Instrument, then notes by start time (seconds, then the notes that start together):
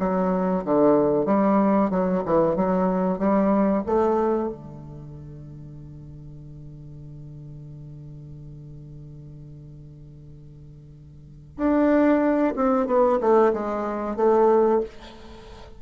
bassoon
0.00 F#3
0.65 D3
1.26 G3
1.91 F#3
2.26 E3
2.56 F#3
3.19 G3
3.87 A3
4.50 D3
11.57 D4
12.56 C4
12.87 B3
13.21 A3
13.54 G#3
14.17 A3